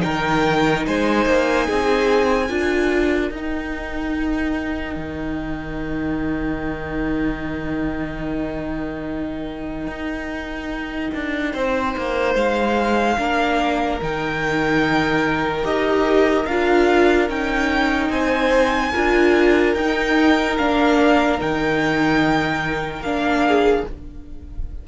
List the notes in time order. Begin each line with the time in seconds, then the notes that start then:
0.00 D#3 D#4 A#4 G5
0.86 G#3 C5 G#5
1.25 A#3
1.67 C4 G#4
2.47 D4 F4 A#4
3.31 D#4 G5
4.95 D#3
9.87 D#4
11.14 D4
11.53 C4 C5
11.97 A#3
12.35 G#3 F5
13.18 A#3 D4 A#4
14.01 D#3 D#4 G5
15.63 D#4 G4 D#5
16.46 D4 F4 F5
17.28 C#4 D#4 G5
18.09 C4 C5 G#5
18.91 D4 F4 A#4
19.74 D#4 G5
20.57 A#3 D4 F5
21.38 D#3 D#4 G5
23.01 A#3 D4 F5
23.46 G#4